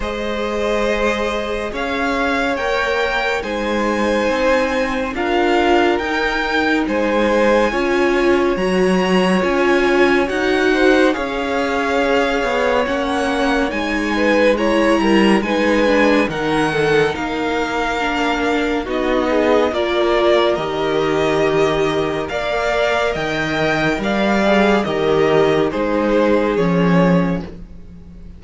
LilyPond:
<<
  \new Staff \with { instrumentName = "violin" } { \time 4/4 \tempo 4 = 70 dis''2 f''4 g''4 | gis''2 f''4 g''4 | gis''2 ais''4 gis''4 | fis''4 f''2 fis''4 |
gis''4 ais''4 gis''4 fis''4 | f''2 dis''4 d''4 | dis''2 f''4 g''4 | f''4 dis''4 c''4 cis''4 | }
  \new Staff \with { instrumentName = "violin" } { \time 4/4 c''2 cis''2 | c''2 ais'2 | c''4 cis''2.~ | cis''8 c''8 cis''2.~ |
cis''8 b'8 cis''8 ais'8 b'4 ais'8 a'8 | ais'2 fis'8 gis'8 ais'4~ | ais'2 d''4 dis''4 | d''4 ais'4 gis'2 | }
  \new Staff \with { instrumentName = "viola" } { \time 4/4 gis'2. ais'4 | dis'2 f'4 dis'4~ | dis'4 f'4 fis'4 f'4 | fis'4 gis'2 cis'4 |
dis'4 e'4 dis'8 d'8 dis'4~ | dis'4 d'4 dis'4 f'4 | g'2 ais'2~ | ais'8 gis'8 g'4 dis'4 cis'4 | }
  \new Staff \with { instrumentName = "cello" } { \time 4/4 gis2 cis'4 ais4 | gis4 c'4 d'4 dis'4 | gis4 cis'4 fis4 cis'4 | dis'4 cis'4. b8 ais4 |
gis4. g8 gis4 dis4 | ais2 b4 ais4 | dis2 ais4 dis4 | g4 dis4 gis4 f4 | }
>>